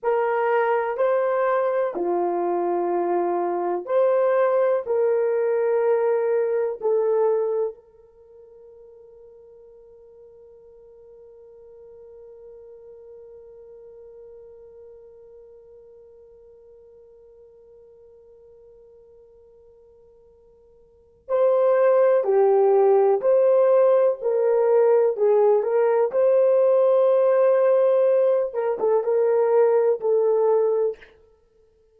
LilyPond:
\new Staff \with { instrumentName = "horn" } { \time 4/4 \tempo 4 = 62 ais'4 c''4 f'2 | c''4 ais'2 a'4 | ais'1~ | ais'1~ |
ais'1~ | ais'2 c''4 g'4 | c''4 ais'4 gis'8 ais'8 c''4~ | c''4. ais'16 a'16 ais'4 a'4 | }